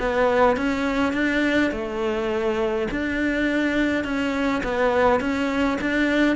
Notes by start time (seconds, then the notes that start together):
0.00 B3
0.57 C#4
1.13 D4
1.72 A3
2.92 D4
4.05 C#4
4.64 B3
5.21 C#4
5.81 D4